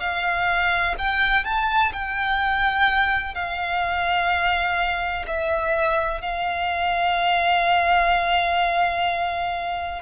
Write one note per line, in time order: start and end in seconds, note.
0.00 0.95 F5
0.99 1.45 G5
1.45 1.93 A5
1.93 3.35 G5
3.35 5.26 F5
5.27 6.22 E5
6.22 10.03 F5